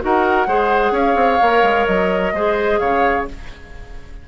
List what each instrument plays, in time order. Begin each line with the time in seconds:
0.00 bassoon D#4, clarinet F#4, oboe A#4, flute F#5
0.47 bassoon G#3, clarinet G#4, oboe C5
0.91 bassoon C#4, oboe C#5, flute F5
1.15 bassoon C4
1.42 bassoon A#3, clarinet A#4
1.63 bassoon G#3
1.86 bassoon F#3, flute D#5
2.33 bassoon G#3, clarinet G#4, oboe C5
2.79 bassoon C#3, oboe C#5, flute F5